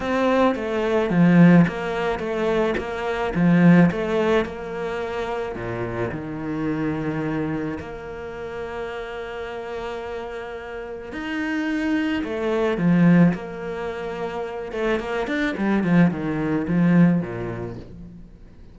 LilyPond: \new Staff \with { instrumentName = "cello" } { \time 4/4 \tempo 4 = 108 c'4 a4 f4 ais4 | a4 ais4 f4 a4 | ais2 ais,4 dis4~ | dis2 ais2~ |
ais1 | dis'2 a4 f4 | ais2~ ais8 a8 ais8 d'8 | g8 f8 dis4 f4 ais,4 | }